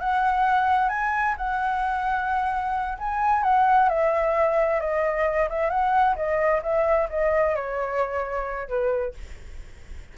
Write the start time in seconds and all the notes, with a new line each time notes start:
0.00 F#5
0.89 G#5
1.37 F#5
2.98 G#5
3.43 F#5
3.89 E5
4.80 D#5
5.50 E5
5.70 F#5
6.16 D#5
6.63 E5
7.09 D#5
7.56 C#5
8.68 B4